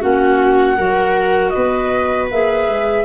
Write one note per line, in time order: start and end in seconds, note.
0.00 0.79 A#3
0.00 0.77 C#4
0.00 0.76 F#4
0.00 1.50 F#5
0.78 1.55 F#3
0.78 2.30 F#4
0.78 1.53 A#4
1.50 3.05 B4
1.50 2.26 D#5
1.56 2.31 B3
2.31 2.68 A#3
2.31 3.05 G#4
2.31 3.05 E5
2.68 3.05 G#3